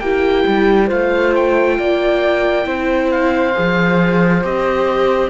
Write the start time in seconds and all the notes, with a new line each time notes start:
0.00 A#3 E4 G4 G5
0.47 G3
0.87 A3 F4 C5 F5
1.35 G5
1.79 A#3 D5
2.64 C4 E4 C5
3.12 F5
3.55 F3 G#4
4.43 C4 G4 D#5